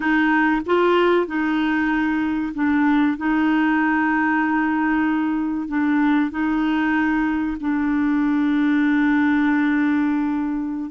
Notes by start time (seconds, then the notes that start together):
0.00 D#4
0.66 F4
1.26 D#4
2.54 D4
3.17 D#4
5.68 D4
6.30 D#4
7.60 D4